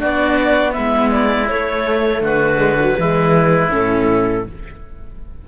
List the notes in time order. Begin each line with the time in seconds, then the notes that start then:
0.00 B3 D4 F#4 D5
0.73 G#3 B3 E4 E5
1.12 D5
1.49 A3 C#5
2.21 D3 F#4 B4
2.58 G#3
2.81 F#3
2.99 E3 G#3 E4
3.71 A2 C#4 A4